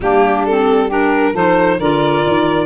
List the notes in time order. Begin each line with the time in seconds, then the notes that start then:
0.00 G3 A#3 D4 G4
0.45 C4 A4
0.87 D4 G4 A#4
1.33 F3 D#4 A4 C5
1.78 D3 F4 A#4 D5
2.26 D#3